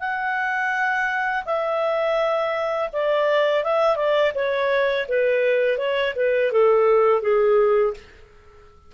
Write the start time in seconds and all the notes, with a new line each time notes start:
0.00 F#5
1.45 E5
2.93 D5
3.64 E5
3.97 D5
4.35 C#5
5.09 B4
5.78 C#5
6.16 B4
6.52 A4
7.22 G#4